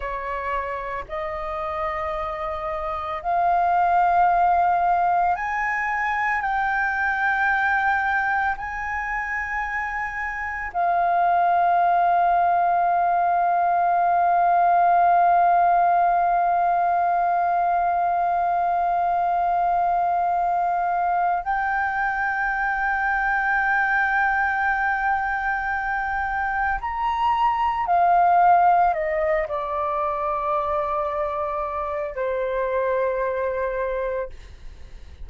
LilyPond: \new Staff \with { instrumentName = "flute" } { \time 4/4 \tempo 4 = 56 cis''4 dis''2 f''4~ | f''4 gis''4 g''2 | gis''2 f''2~ | f''1~ |
f''1 | g''1~ | g''4 ais''4 f''4 dis''8 d''8~ | d''2 c''2 | }